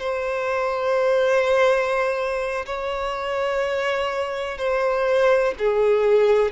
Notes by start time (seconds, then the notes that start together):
0.00 C5
2.66 C#5
4.58 C5
5.59 G#4